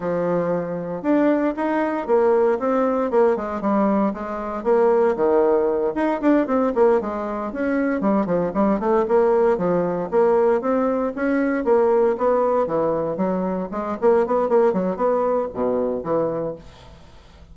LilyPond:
\new Staff \with { instrumentName = "bassoon" } { \time 4/4 \tempo 4 = 116 f2 d'4 dis'4 | ais4 c'4 ais8 gis8 g4 | gis4 ais4 dis4. dis'8 | d'8 c'8 ais8 gis4 cis'4 g8 |
f8 g8 a8 ais4 f4 ais8~ | ais8 c'4 cis'4 ais4 b8~ | b8 e4 fis4 gis8 ais8 b8 | ais8 fis8 b4 b,4 e4 | }